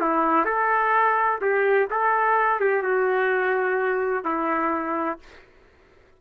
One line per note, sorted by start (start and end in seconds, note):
0.00 0.45 E4
0.45 1.40 A4
1.41 1.88 G4
1.90 2.60 A4
2.60 2.82 G4
2.82 4.24 F#4
4.24 5.19 E4